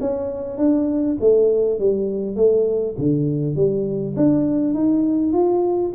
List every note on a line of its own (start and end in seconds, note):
0.00 0.58 C#4
0.58 1.17 D4
1.20 1.79 A3
1.79 2.36 G3
2.36 2.95 A3
2.98 3.55 D3
3.55 4.15 G3
4.16 4.74 D4
4.74 5.32 D#4
5.32 5.92 F4